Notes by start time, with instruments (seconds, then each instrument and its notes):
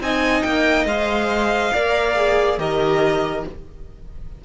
0.00 cello C4, viola D#4, violin D#5 G#5
0.42 cello A#3, violin G5
0.85 cello G#3, viola C5, violin F5
1.73 cello A#3, viola A#4, violin D5
2.16 viola G#4
2.58 cello D#3, viola G4, violin A#4 D#5